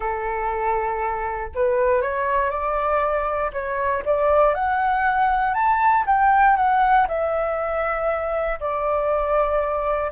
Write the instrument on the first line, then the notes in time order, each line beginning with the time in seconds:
flute
0.00 A4
1.54 B4
2.01 C#5
2.50 D5
3.52 C#5
4.05 D5
4.54 F#5
5.54 A5
6.06 G5
6.56 F#5
7.08 E5
8.59 D5